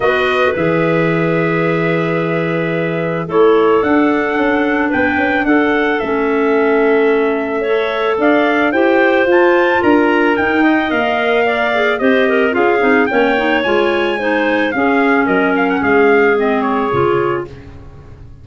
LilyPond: <<
  \new Staff \with { instrumentName = "trumpet" } { \time 4/4 \tempo 4 = 110 dis''4 e''2.~ | e''2 cis''4 fis''4~ | fis''4 g''4 fis''4 e''4~ | e''2. f''4 |
g''4 a''4 ais''4 g''4 | f''2 dis''4 f''4 | g''4 gis''2 f''4 | dis''8 f''16 fis''16 f''4 dis''8 cis''4. | }
  \new Staff \with { instrumentName = "clarinet" } { \time 4/4 b'1~ | b'2 a'2~ | a'4 b'4 a'2~ | a'2 cis''4 d''4 |
c''2 ais'4. dis''8~ | dis''4 d''4 c''8 ais'8 gis'4 | cis''2 c''4 gis'4 | ais'4 gis'2. | }
  \new Staff \with { instrumentName = "clarinet" } { \time 4/4 fis'4 gis'2.~ | gis'2 e'4 d'4~ | d'2. cis'4~ | cis'2 a'2 |
g'4 f'2 dis'4 | ais'4. gis'8 g'4 f'8 dis'8 | cis'8 dis'8 f'4 dis'4 cis'4~ | cis'2 c'4 f'4 | }
  \new Staff \with { instrumentName = "tuba" } { \time 4/4 b4 e2.~ | e2 a4 d'4 | cis'4 b8 cis'8 d'4 a4~ | a2. d'4 |
e'4 f'4 d'4 dis'4 | ais2 c'4 cis'8 c'8 | ais4 gis2 cis'4 | fis4 gis2 cis4 | }
>>